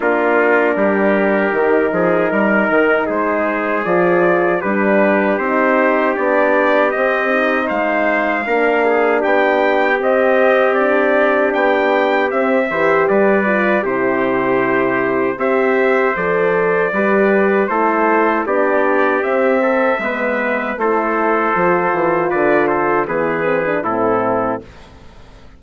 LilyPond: <<
  \new Staff \with { instrumentName = "trumpet" } { \time 4/4 \tempo 4 = 78 ais'1 | c''4 d''4 b'4 c''4 | d''4 dis''4 f''2 | g''4 dis''4 d''4 g''4 |
e''4 d''4 c''2 | e''4 d''2 c''4 | d''4 e''2 c''4~ | c''4 d''8 c''8 b'4 a'4 | }
  \new Staff \with { instrumentName = "trumpet" } { \time 4/4 f'4 g'4. gis'8 ais'4 | gis'2 g'2~ | g'2 c''4 ais'8 gis'8 | g'1~ |
g'8 c''8 b'4 g'2 | c''2 b'4 a'4 | g'4. a'8 b'4 a'4~ | a'4 b'8 a'8 gis'4 e'4 | }
  \new Staff \with { instrumentName = "horn" } { \time 4/4 d'2 dis'2~ | dis'4 f'4 d'4 dis'4 | d'4 c'8 dis'4. d'4~ | d'4 c'4 d'2 |
c'8 g'4 f'8 e'2 | g'4 a'4 g'4 e'4 | d'4 c'4 b4 e'4 | f'2 b8 c'16 d'16 c'4 | }
  \new Staff \with { instrumentName = "bassoon" } { \time 4/4 ais4 g4 dis8 f8 g8 dis8 | gis4 f4 g4 c'4 | b4 c'4 gis4 ais4 | b4 c'2 b4 |
c'8 e8 g4 c2 | c'4 f4 g4 a4 | b4 c'4 gis4 a4 | f8 e8 d4 e4 a,4 | }
>>